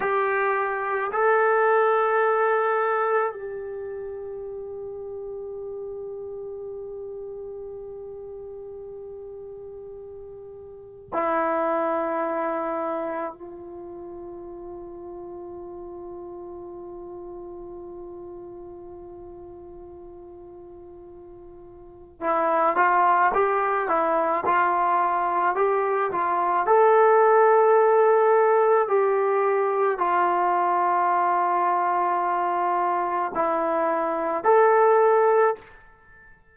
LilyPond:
\new Staff \with { instrumentName = "trombone" } { \time 4/4 \tempo 4 = 54 g'4 a'2 g'4~ | g'1~ | g'2 e'2 | f'1~ |
f'1 | e'8 f'8 g'8 e'8 f'4 g'8 f'8 | a'2 g'4 f'4~ | f'2 e'4 a'4 | }